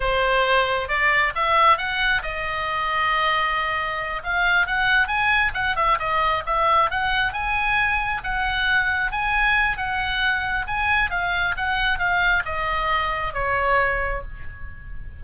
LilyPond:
\new Staff \with { instrumentName = "oboe" } { \time 4/4 \tempo 4 = 135 c''2 d''4 e''4 | fis''4 dis''2.~ | dis''4. f''4 fis''4 gis''8~ | gis''8 fis''8 e''8 dis''4 e''4 fis''8~ |
fis''8 gis''2 fis''4.~ | fis''8 gis''4. fis''2 | gis''4 f''4 fis''4 f''4 | dis''2 cis''2 | }